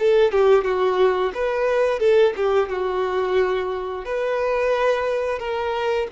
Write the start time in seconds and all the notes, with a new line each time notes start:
0.00 A4
0.33 G4
0.65 F#4
1.35 B4
2.00 A4
2.36 G4
2.69 F#4
4.05 B4
5.40 A#4